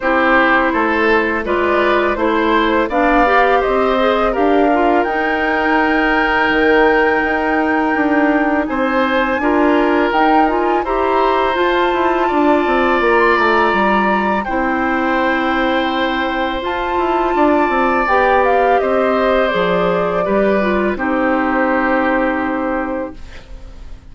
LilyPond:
<<
  \new Staff \with { instrumentName = "flute" } { \time 4/4 \tempo 4 = 83 c''2 d''4 c''4 | f''4 dis''4 f''4 g''4~ | g''1 | gis''2 g''8 gis''8 ais''4 |
a''2 ais''16 c'''16 ais''4. | g''2. a''4~ | a''4 g''8 f''8 dis''4 d''4~ | d''4 c''2. | }
  \new Staff \with { instrumentName = "oboe" } { \time 4/4 g'4 a'4 b'4 c''4 | d''4 c''4 ais'2~ | ais'1 | c''4 ais'2 c''4~ |
c''4 d''2. | c''1 | d''2 c''2 | b'4 g'2. | }
  \new Staff \with { instrumentName = "clarinet" } { \time 4/4 e'2 f'4 e'4 | d'8 g'4 gis'8 g'8 f'8 dis'4~ | dis'1~ | dis'4 f'4 dis'8 f'8 g'4 |
f'1 | e'2. f'4~ | f'4 g'2 gis'4 | g'8 f'8 dis'2. | }
  \new Staff \with { instrumentName = "bassoon" } { \time 4/4 c'4 a4 gis4 a4 | b4 c'4 d'4 dis'4~ | dis'4 dis4 dis'4 d'4 | c'4 d'4 dis'4 e'4 |
f'8 e'8 d'8 c'8 ais8 a8 g4 | c'2. f'8 e'8 | d'8 c'8 b4 c'4 f4 | g4 c'2. | }
>>